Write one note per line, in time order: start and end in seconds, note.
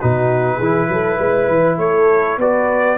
0.00 0.59 B2
0.00 0.61 D#4
0.00 0.56 F#4
0.00 1.79 B4
0.56 0.88 E3
0.56 0.86 G#4
0.63 2.41 E4
0.88 1.18 F#3
0.88 1.18 A4
1.18 1.48 G#3
1.18 1.78 B4
1.48 1.78 E3
1.78 2.37 A3
1.78 2.38 A4
1.78 2.39 C#5
2.37 2.97 B3
2.37 2.97 F#4
2.37 2.97 B4
2.37 2.97 D5